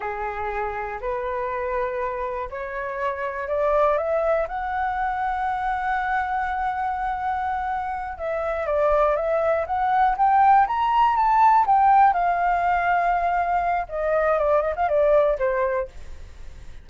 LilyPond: \new Staff \with { instrumentName = "flute" } { \time 4/4 \tempo 4 = 121 gis'2 b'2~ | b'4 cis''2 d''4 | e''4 fis''2.~ | fis''1~ |
fis''8 e''4 d''4 e''4 fis''8~ | fis''8 g''4 ais''4 a''4 g''8~ | g''8 f''2.~ f''8 | dis''4 d''8 dis''16 f''16 d''4 c''4 | }